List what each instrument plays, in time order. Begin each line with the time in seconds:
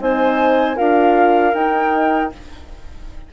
0.00 bassoon C4, horn D#4, clarinet C5, flute G#5
0.76 bassoon D4, horn F4, clarinet A#4, flute F5
1.55 bassoon D#4, horn D#4, flute G5